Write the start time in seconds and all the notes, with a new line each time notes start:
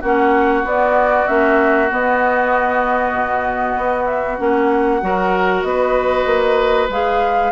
0.00 A#3 C#4 F#4 F#5
0.64 B3 D5
1.27 A#3 C#4 E5
1.90 B3 D#5
3.12 B2
3.77 B3
4.05 E5
4.38 A#3 C#4 F#5
5.01 F#3 F#4 A#4
5.63 B3 B4 D#5
6.26 A#3
6.89 G#3 G#4 F5